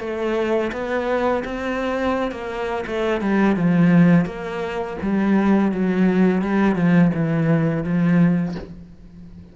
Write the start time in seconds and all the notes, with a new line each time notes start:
0.00 A3
0.72 B3
1.44 C4
2.31 A#3
2.86 A3
3.21 G3
3.56 F3
4.25 A#3
5.02 G3
5.72 F#3
6.42 G3
6.75 F3
7.14 E3
7.84 F3